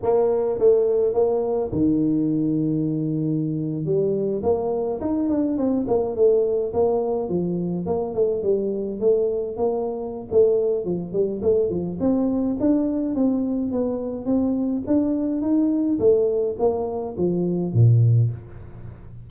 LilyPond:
\new Staff \with { instrumentName = "tuba" } { \time 4/4 \tempo 4 = 105 ais4 a4 ais4 dis4~ | dis2~ dis8. g4 ais16~ | ais8. dis'8 d'8 c'8 ais8 a4 ais16~ | ais8. f4 ais8 a8 g4 a16~ |
a8. ais4~ ais16 a4 f8 g8 | a8 f8 c'4 d'4 c'4 | b4 c'4 d'4 dis'4 | a4 ais4 f4 ais,4 | }